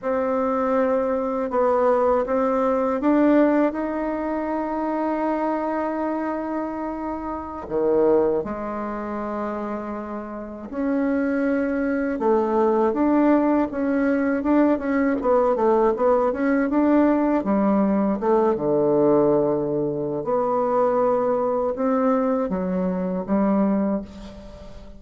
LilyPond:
\new Staff \with { instrumentName = "bassoon" } { \time 4/4 \tempo 4 = 80 c'2 b4 c'4 | d'4 dis'2.~ | dis'2~ dis'16 dis4 gis8.~ | gis2~ gis16 cis'4.~ cis'16~ |
cis'16 a4 d'4 cis'4 d'8 cis'16~ | cis'16 b8 a8 b8 cis'8 d'4 g8.~ | g16 a8 d2~ d16 b4~ | b4 c'4 fis4 g4 | }